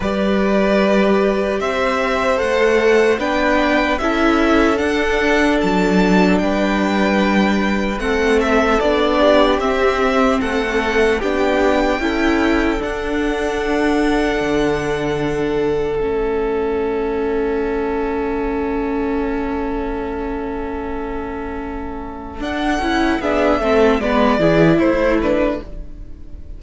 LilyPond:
<<
  \new Staff \with { instrumentName = "violin" } { \time 4/4 \tempo 4 = 75 d''2 e''4 fis''4 | g''4 e''4 fis''4 a''4 | g''2 fis''8 e''8 d''4 | e''4 fis''4 g''2 |
fis''1 | e''1~ | e''1 | fis''4 e''4 d''4 c''8 b'8 | }
  \new Staff \with { instrumentName = "violin" } { \time 4/4 b'2 c''2 | b'4 a'2. | b'2 a'4. g'8~ | g'4 a'4 g'4 a'4~ |
a'1~ | a'1~ | a'1~ | a'4 gis'8 a'8 b'8 gis'8 e'4 | }
  \new Staff \with { instrumentName = "viola" } { \time 4/4 g'2. a'4 | d'4 e'4 d'2~ | d'2 c'4 d'4 | c'2 d'4 e'4 |
d'1 | cis'1~ | cis'1 | d'8 e'8 d'8 c'8 b8 e'4 d'8 | }
  \new Staff \with { instrumentName = "cello" } { \time 4/4 g2 c'4 a4 | b4 cis'4 d'4 fis4 | g2 a4 b4 | c'4 a4 b4 cis'4 |
d'2 d2 | a1~ | a1 | d'8 cis'8 b8 a8 gis8 e8 a4 | }
>>